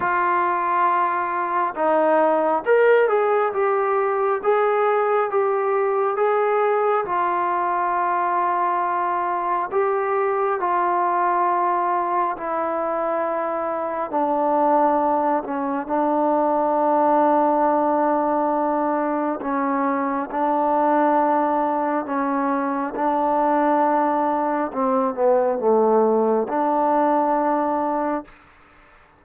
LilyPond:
\new Staff \with { instrumentName = "trombone" } { \time 4/4 \tempo 4 = 68 f'2 dis'4 ais'8 gis'8 | g'4 gis'4 g'4 gis'4 | f'2. g'4 | f'2 e'2 |
d'4. cis'8 d'2~ | d'2 cis'4 d'4~ | d'4 cis'4 d'2 | c'8 b8 a4 d'2 | }